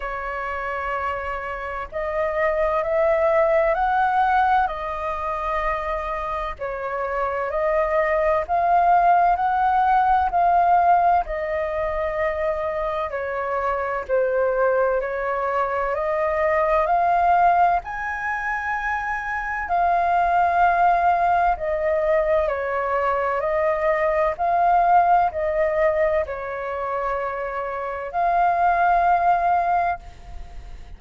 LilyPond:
\new Staff \with { instrumentName = "flute" } { \time 4/4 \tempo 4 = 64 cis''2 dis''4 e''4 | fis''4 dis''2 cis''4 | dis''4 f''4 fis''4 f''4 | dis''2 cis''4 c''4 |
cis''4 dis''4 f''4 gis''4~ | gis''4 f''2 dis''4 | cis''4 dis''4 f''4 dis''4 | cis''2 f''2 | }